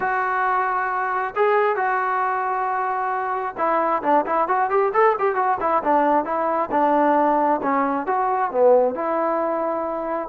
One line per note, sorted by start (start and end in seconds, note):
0.00 1.34 F#4
1.35 1.76 G#4
1.76 3.55 F#4
3.57 4.02 E4
4.02 4.25 D4
4.26 4.48 E4
4.48 4.70 F#4
4.70 4.92 G4
4.93 5.16 A4
5.18 5.35 G4
5.35 5.57 F#4
5.60 5.82 E4
5.83 6.24 D4
6.24 6.69 E4
6.71 7.60 D4
7.62 8.06 C#4
8.06 8.51 F#4
8.51 8.94 B3
8.94 10.28 E4